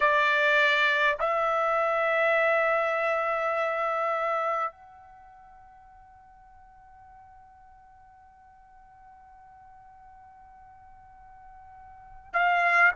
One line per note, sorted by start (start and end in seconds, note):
0.00 1.17 D5
1.19 4.71 E5
4.71 12.33 F#5
12.33 12.91 F5